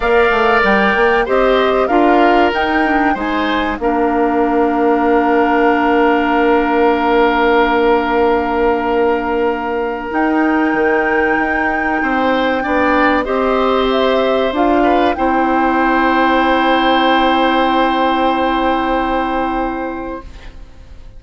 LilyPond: <<
  \new Staff \with { instrumentName = "flute" } { \time 4/4 \tempo 4 = 95 f''4 g''4 dis''4 f''4 | g''4 gis''4 f''2~ | f''1~ | f''1 |
g''1~ | g''4 dis''4 e''4 f''4 | g''1~ | g''1 | }
  \new Staff \with { instrumentName = "oboe" } { \time 4/4 d''2 c''4 ais'4~ | ais'4 c''4 ais'2~ | ais'1~ | ais'1~ |
ais'2. c''4 | d''4 c''2~ c''8 b'8 | c''1~ | c''1 | }
  \new Staff \with { instrumentName = "clarinet" } { \time 4/4 ais'2 g'4 f'4 | dis'8 d'8 dis'4 d'2~ | d'1~ | d'1 |
dis'1 | d'4 g'2 f'4 | e'1~ | e'1 | }
  \new Staff \with { instrumentName = "bassoon" } { \time 4/4 ais8 a8 g8 ais8 c'4 d'4 | dis'4 gis4 ais2~ | ais1~ | ais1 |
dis'4 dis4 dis'4 c'4 | b4 c'2 d'4 | c'1~ | c'1 | }
>>